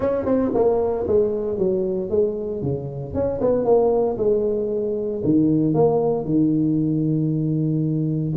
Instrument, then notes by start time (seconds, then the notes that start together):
tuba
0.00 C#4
0.25 C4
0.54 A#3
1.07 G#3
1.57 F#3
2.10 G#3
2.62 C#3
3.14 C#4
3.40 B3
3.65 A#3
4.17 G#3
5.23 D#3
5.74 A#3
6.24 D#3